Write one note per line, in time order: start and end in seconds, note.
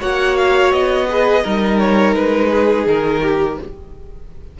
0.00 0.72 A#3
0.00 1.08 F#4
0.00 1.07 C#5
0.00 0.37 F#5
0.37 0.72 F5
0.72 1.44 B3
0.72 1.79 D#5
1.09 1.44 G#4
1.09 1.43 B4
1.43 2.15 G3
1.43 3.59 D#4
1.43 2.50 A#4
1.79 2.14 C#5
2.14 2.86 G#3
2.14 2.86 B4
2.50 3.21 G#4
2.86 3.58 D#3
2.86 3.60 A#4
3.22 3.58 G4